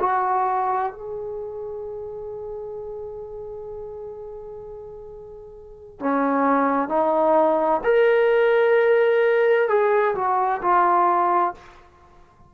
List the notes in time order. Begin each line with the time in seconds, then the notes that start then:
0.00 F#4
0.92 G#4
6.00 C#4
6.89 D#4
7.84 A#4
9.69 G#4
10.15 F#4
10.62 F4